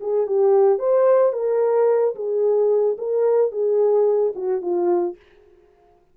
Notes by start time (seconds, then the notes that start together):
0.00 G#4
0.26 G4
0.78 C5
1.32 A#4
2.15 G#4
2.98 A#4
3.51 G#4
4.35 F#4
4.61 F4